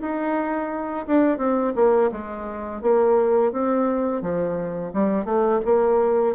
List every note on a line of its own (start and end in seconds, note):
0.00 1.06 D#4
1.06 1.38 D4
1.38 1.73 C4
1.75 2.10 A#3
2.11 2.81 G#3
2.81 3.52 A#3
3.52 4.22 C4
4.22 4.92 F3
4.93 5.25 G3
5.25 5.60 A3
5.65 6.35 A#3